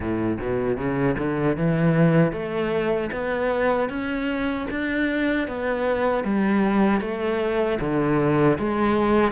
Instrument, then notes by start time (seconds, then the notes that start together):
cello
0.00 A2
0.40 B2
0.77 C#3
1.18 D3
1.57 E3
2.32 A3
3.11 B3
3.89 C#4
4.70 D4
5.47 B3
6.24 G3
7.00 A3
7.80 D3
8.58 G#3